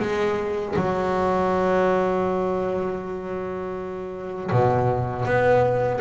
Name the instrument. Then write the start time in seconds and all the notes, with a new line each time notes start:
double bass
0.00 G#3
0.76 F#3
4.51 B2
5.25 B3